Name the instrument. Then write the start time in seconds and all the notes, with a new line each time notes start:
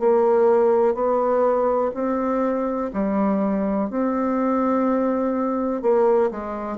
bassoon
0.00 A#3
0.95 B3
1.94 C4
2.93 G3
3.90 C4
5.82 A#3
6.31 G#3